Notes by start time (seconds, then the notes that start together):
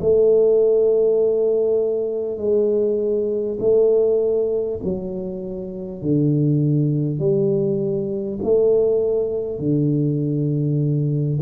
0.00 A3
2.37 G#3
3.59 A3
4.84 F#3
6.01 D3
7.19 G3
8.42 A3
9.58 D3